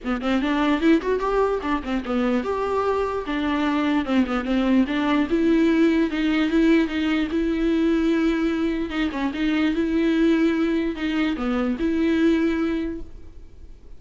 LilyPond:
\new Staff \with { instrumentName = "viola" } { \time 4/4 \tempo 4 = 148 b8 c'8 d'4 e'8 fis'8 g'4 | d'8 c'8 b4 g'2 | d'2 c'8 b8 c'4 | d'4 e'2 dis'4 |
e'4 dis'4 e'2~ | e'2 dis'8 cis'8 dis'4 | e'2. dis'4 | b4 e'2. | }